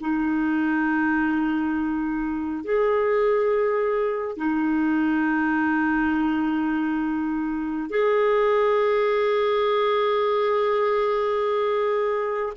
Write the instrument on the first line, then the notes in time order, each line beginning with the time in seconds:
clarinet
0.00 D#4
2.64 G#4
4.37 D#4
7.89 G#4